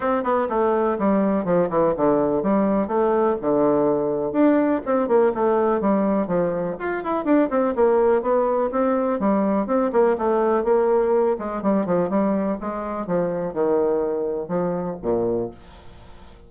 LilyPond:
\new Staff \with { instrumentName = "bassoon" } { \time 4/4 \tempo 4 = 124 c'8 b8 a4 g4 f8 e8 | d4 g4 a4 d4~ | d4 d'4 c'8 ais8 a4 | g4 f4 f'8 e'8 d'8 c'8 |
ais4 b4 c'4 g4 | c'8 ais8 a4 ais4. gis8 | g8 f8 g4 gis4 f4 | dis2 f4 ais,4 | }